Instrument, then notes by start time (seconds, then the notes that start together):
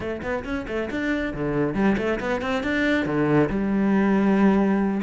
cello
0.00 A3
0.22 B3
0.44 C#4
0.67 A3
0.90 D4
1.34 D3
1.74 G3
1.97 A3
2.20 B3
2.41 C4
2.63 D4
3.05 D3
3.49 G3